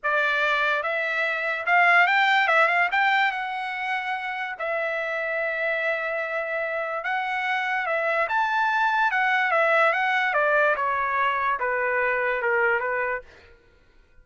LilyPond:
\new Staff \with { instrumentName = "trumpet" } { \time 4/4 \tempo 4 = 145 d''2 e''2 | f''4 g''4 e''8 f''8 g''4 | fis''2. e''4~ | e''1~ |
e''4 fis''2 e''4 | a''2 fis''4 e''4 | fis''4 d''4 cis''2 | b'2 ais'4 b'4 | }